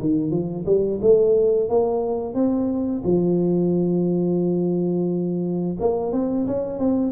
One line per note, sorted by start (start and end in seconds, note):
0.00 0.31 D#3
0.31 0.65 F3
0.66 1.00 G3
1.02 1.70 A3
1.70 2.35 A#3
2.35 3.03 C4
3.05 5.77 F3
5.80 6.13 A#3
6.13 6.47 C4
6.47 6.79 C#4
6.79 7.12 C4